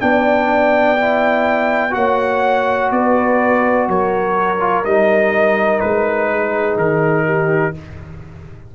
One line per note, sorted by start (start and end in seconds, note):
0.00 1.95 B3
0.00 0.97 D4
0.00 1.95 D5
0.00 1.94 G5
0.97 1.90 E4
1.90 2.91 A#3
1.90 4.56 F#4
1.90 2.92 C#5
1.90 2.91 F#5
2.91 3.87 B3
2.91 3.88 B4
2.91 3.88 D5
3.88 4.84 F#3
3.88 6.30 A#4
3.88 4.84 C#5
4.59 4.83 F4
4.84 5.81 G3
4.84 7.74 D#4
4.84 5.80 D#5
5.80 6.76 G#3
5.80 6.76 B4
6.31 7.25 G#4
6.76 7.73 D#3
6.76 7.75 A#4
7.25 7.74 G4